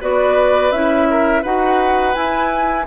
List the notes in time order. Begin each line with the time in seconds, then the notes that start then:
0.00 B3 F#4 B4 D5
0.71 C#4 E4 E5
1.10 A#4
1.42 D#4 F#4 B4 F#5
2.14 E4 G#5